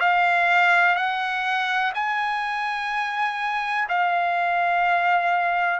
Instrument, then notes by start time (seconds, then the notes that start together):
trumpet
0.00 F5
0.95 F#5
1.94 G#5
3.89 F5